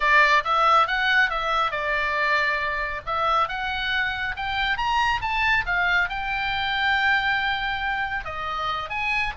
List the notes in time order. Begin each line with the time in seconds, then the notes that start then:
0.00 D5
0.44 E5
0.87 F#5
1.29 E5
1.71 D5
3.06 E5
3.48 F#5
4.36 G5
4.77 A#5
5.21 A5
5.66 F5
6.09 G5
8.25 D#5
8.89 G#5